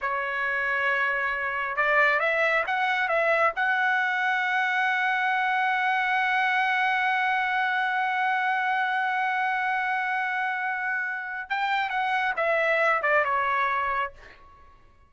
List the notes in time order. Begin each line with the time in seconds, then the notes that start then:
0.01 C#5
1.76 D5
2.19 E5
2.66 F#5
3.08 E5
3.55 F#5
11.49 G5
11.89 F#5
12.36 E5
13.02 D5
13.24 C#5